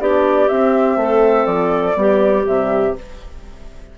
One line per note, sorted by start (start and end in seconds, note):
0.00 0.49 B3
0.00 0.49 D4
0.00 0.99 G4
0.00 0.48 D5
0.48 1.96 C4
0.48 0.96 C4
0.48 1.46 E5
0.96 1.45 A3
0.96 1.98 A4
1.46 1.95 F3
1.46 2.44 D5
1.96 2.45 G3
1.96 2.45 B3
1.96 2.98 G4
2.45 2.96 C3
2.45 2.94 G3
2.45 2.96 E5